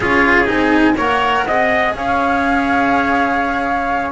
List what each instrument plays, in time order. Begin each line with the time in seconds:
0.00 double bass C#4, cello F4, trumpet G#4, flute C#5
0.45 double bass C4, cello D#4, flute G#5
0.96 double bass A#3, cello A#4, trumpet C#5, flute F#5
1.44 double bass C4, cello G#4, trumpet D#5
1.93 double bass C#4, trumpet C#5, flute F5